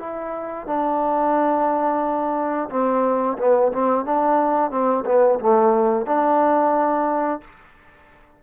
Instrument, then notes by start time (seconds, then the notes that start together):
trombone
0.00 E4
0.67 D4
2.70 C4
3.38 B3
3.73 C4
4.05 D4
4.71 C4
5.06 B3
5.40 A3
6.06 D4